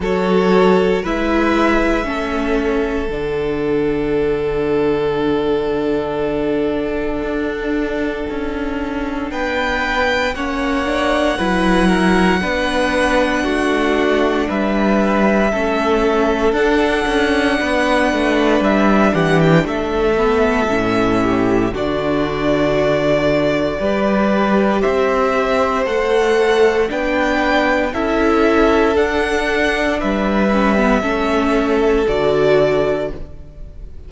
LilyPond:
<<
  \new Staff \with { instrumentName = "violin" } { \time 4/4 \tempo 4 = 58 cis''4 e''2 fis''4~ | fis''1~ | fis''4 g''4 fis''2~ | fis''2 e''2 |
fis''2 e''8 fis''16 g''16 e''4~ | e''4 d''2. | e''4 fis''4 g''4 e''4 | fis''4 e''2 d''4 | }
  \new Staff \with { instrumentName = "violin" } { \time 4/4 a'4 b'4 a'2~ | a'1~ | a'4 b'4 cis''4 b'8 ais'8 | b'4 fis'4 b'4 a'4~ |
a'4 b'4. g'8 a'4~ | a'8 g'8 fis'2 b'4 | c''2 b'4 a'4~ | a'4 b'4 a'2 | }
  \new Staff \with { instrumentName = "viola" } { \time 4/4 fis'4 e'4 cis'4 d'4~ | d'1~ | d'2 cis'8 d'8 e'4 | d'2. cis'4 |
d'2.~ d'8 b8 | cis'4 d'2 g'4~ | g'4 a'4 d'4 e'4 | d'4. cis'16 b16 cis'4 fis'4 | }
  \new Staff \with { instrumentName = "cello" } { \time 4/4 fis4 gis4 a4 d4~ | d2. d'4 | cis'4 b4 ais4 fis4 | b4 a4 g4 a4 |
d'8 cis'8 b8 a8 g8 e8 a4 | a,4 d2 g4 | c'4 a4 b4 cis'4 | d'4 g4 a4 d4 | }
>>